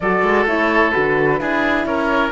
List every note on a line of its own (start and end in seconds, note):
0.00 0.22 F#3
0.00 0.47 F#4
0.00 1.40 A4
0.00 0.46 D5
0.22 0.45 G#3
0.45 0.91 A3
0.45 0.92 E4
0.45 0.91 C#5
0.91 1.40 D3
0.91 1.39 F#4
0.91 1.84 B4
1.39 1.85 D4
1.39 2.32 E4
1.39 1.86 G#4
1.85 2.32 C#4
1.85 2.32 A#4
1.85 2.31 C#5